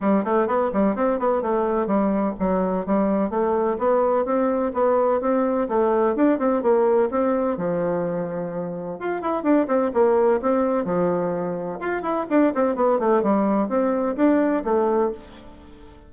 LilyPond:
\new Staff \with { instrumentName = "bassoon" } { \time 4/4 \tempo 4 = 127 g8 a8 b8 g8 c'8 b8 a4 | g4 fis4 g4 a4 | b4 c'4 b4 c'4 | a4 d'8 c'8 ais4 c'4 |
f2. f'8 e'8 | d'8 c'8 ais4 c'4 f4~ | f4 f'8 e'8 d'8 c'8 b8 a8 | g4 c'4 d'4 a4 | }